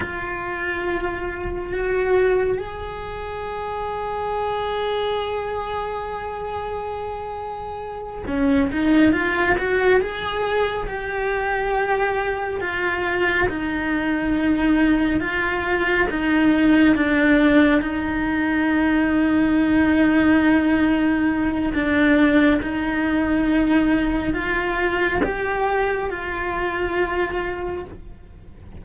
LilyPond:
\new Staff \with { instrumentName = "cello" } { \time 4/4 \tempo 4 = 69 f'2 fis'4 gis'4~ | gis'1~ | gis'4. cis'8 dis'8 f'8 fis'8 gis'8~ | gis'8 g'2 f'4 dis'8~ |
dis'4. f'4 dis'4 d'8~ | d'8 dis'2.~ dis'8~ | dis'4 d'4 dis'2 | f'4 g'4 f'2 | }